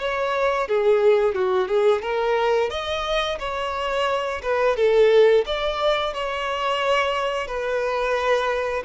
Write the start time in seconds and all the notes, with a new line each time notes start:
0.00 C#5
0.68 G#4
1.35 F#4
1.68 G#4
2.02 A#4
2.70 D#5
3.40 C#5
4.43 B4
4.77 A4
5.46 D5
6.14 C#5
7.47 B4